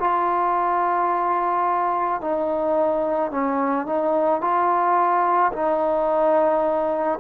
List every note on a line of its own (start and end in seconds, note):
0.00 2.21 F4
2.21 3.31 D#4
3.31 3.86 C#4
3.86 4.41 D#4
4.41 5.52 F4
5.53 7.19 D#4